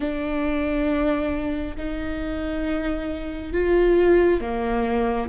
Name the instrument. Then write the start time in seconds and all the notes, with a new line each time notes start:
viola
0.00 D4
1.76 D#4
3.53 F4
4.40 A#3